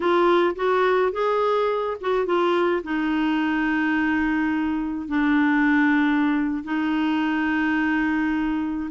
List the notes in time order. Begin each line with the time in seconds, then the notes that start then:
0.00 F4
0.55 F#4
1.12 G#4
2.01 F#4
2.25 F4
2.83 D#4
5.08 D4
6.64 D#4